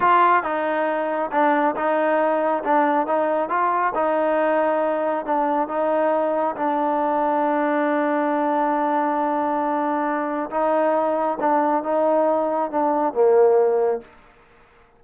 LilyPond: \new Staff \with { instrumentName = "trombone" } { \time 4/4 \tempo 4 = 137 f'4 dis'2 d'4 | dis'2 d'4 dis'4 | f'4 dis'2. | d'4 dis'2 d'4~ |
d'1~ | d'1 | dis'2 d'4 dis'4~ | dis'4 d'4 ais2 | }